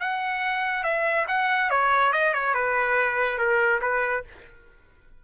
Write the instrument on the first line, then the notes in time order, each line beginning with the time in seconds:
trumpet
0.00 F#5
0.83 E5
1.28 F#5
1.70 C#5
2.13 D#5
2.34 C#5
2.54 B4
3.38 A#4
3.81 B4